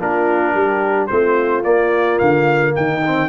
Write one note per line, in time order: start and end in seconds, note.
0.00 0.55 A#3
0.00 1.10 D4
0.00 0.54 F4
0.00 1.07 A#4
0.54 1.10 G3
0.54 1.09 G4
1.07 1.65 A3
1.07 1.64 C4
1.07 2.76 F4
1.07 1.62 C5
1.64 3.01 A#3
1.64 2.20 A#3
1.64 2.19 D5
2.19 2.76 D3
2.19 2.74 F5
2.76 3.29 D#3
2.76 3.29 D#4
2.76 3.29 G5
3.07 3.29 C4